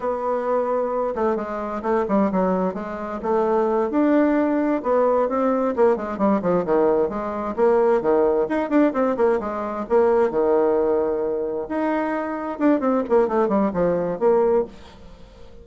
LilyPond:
\new Staff \with { instrumentName = "bassoon" } { \time 4/4 \tempo 4 = 131 b2~ b8 a8 gis4 | a8 g8 fis4 gis4 a4~ | a8 d'2 b4 c'8~ | c'8 ais8 gis8 g8 f8 dis4 gis8~ |
gis8 ais4 dis4 dis'8 d'8 c'8 | ais8 gis4 ais4 dis4.~ | dis4. dis'2 d'8 | c'8 ais8 a8 g8 f4 ais4 | }